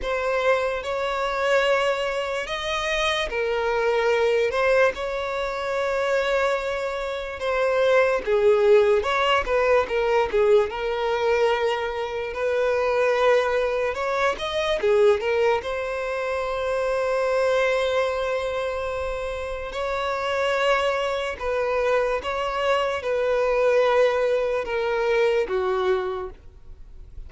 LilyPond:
\new Staff \with { instrumentName = "violin" } { \time 4/4 \tempo 4 = 73 c''4 cis''2 dis''4 | ais'4. c''8 cis''2~ | cis''4 c''4 gis'4 cis''8 b'8 | ais'8 gis'8 ais'2 b'4~ |
b'4 cis''8 dis''8 gis'8 ais'8 c''4~ | c''1 | cis''2 b'4 cis''4 | b'2 ais'4 fis'4 | }